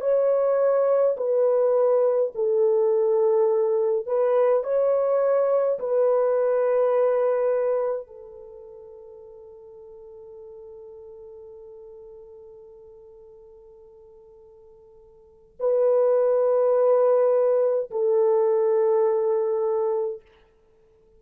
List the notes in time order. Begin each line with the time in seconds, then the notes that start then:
0.00 C#5
1.16 B4
2.34 A4
4.06 B4
4.63 C#5
5.78 B4
8.06 A4
15.59 B4
17.90 A4